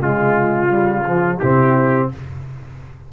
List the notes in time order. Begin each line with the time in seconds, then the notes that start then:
0.00 C#3 G#3 F4
0.69 G3
1.06 F3
1.38 C3 C4 E4 G4